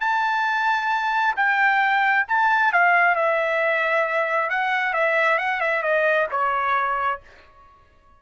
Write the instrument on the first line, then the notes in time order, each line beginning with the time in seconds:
trumpet
0.00 A5
1.36 G5
2.28 A5
2.72 F5
3.15 E5
4.49 F#5
4.93 E5
5.38 F#5
5.60 E5
5.82 D#5
6.31 C#5